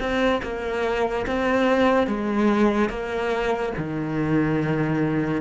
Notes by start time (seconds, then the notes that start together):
0.00 C4
0.42 A#3
1.27 C4
2.07 G#3
2.89 A#3
3.78 D#3